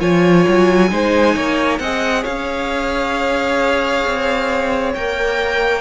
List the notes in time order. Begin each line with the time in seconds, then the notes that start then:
0.00 F3 F4 C#5 G#5
0.49 F#3
0.91 G#3 D#4 C5
1.35 A#3 C#5
1.79 C4 G#4 D#5 F#5
2.23 C#4 C#5 F5
4.06 C4
4.95 A#3 A#4 G5